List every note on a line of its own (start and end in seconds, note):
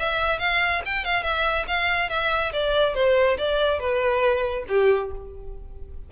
0.00 0.40 E5
0.40 0.83 F5
0.86 1.05 G5
1.05 1.24 F5
1.24 1.66 E5
1.68 2.10 F5
2.10 2.53 E5
2.53 2.95 D5
2.95 3.38 C5
3.38 3.80 D5
3.80 4.66 B4
4.69 5.12 G4